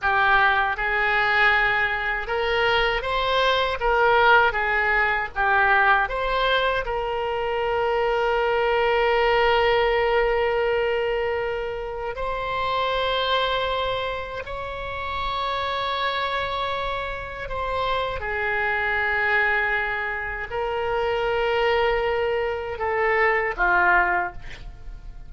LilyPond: \new Staff \with { instrumentName = "oboe" } { \time 4/4 \tempo 4 = 79 g'4 gis'2 ais'4 | c''4 ais'4 gis'4 g'4 | c''4 ais'2.~ | ais'1 |
c''2. cis''4~ | cis''2. c''4 | gis'2. ais'4~ | ais'2 a'4 f'4 | }